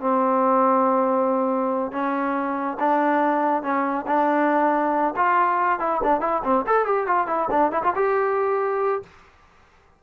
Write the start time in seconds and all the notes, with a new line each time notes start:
0.00 C4
1.91 C#4
2.79 D4
3.62 C#4
4.07 D4
5.16 F4
5.79 E4
6.03 D4
6.20 E4
6.43 C4
6.66 A4
6.85 G4
7.07 F4
7.27 E4
7.50 D4
7.71 E4
7.83 F4
7.95 G4